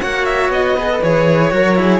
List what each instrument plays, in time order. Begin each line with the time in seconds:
0.00 cello A#3 F#4, flute C#5, violin F#5
0.25 violin E5
0.49 cello B3, violin D#5
0.75 cello G#4, flute B4
0.89 cello A4
1.02 cello E3 G#4, violin C#5
1.51 cello F#3 F#4, flute A#4
1.76 cello E4, flute G#4